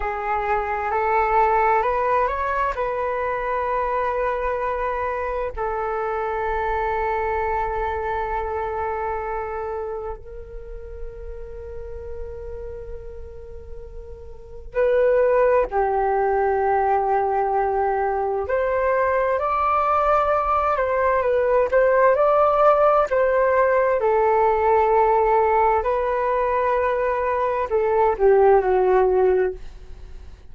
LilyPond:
\new Staff \with { instrumentName = "flute" } { \time 4/4 \tempo 4 = 65 gis'4 a'4 b'8 cis''8 b'4~ | b'2 a'2~ | a'2. ais'4~ | ais'1 |
b'4 g'2. | c''4 d''4. c''8 b'8 c''8 | d''4 c''4 a'2 | b'2 a'8 g'8 fis'4 | }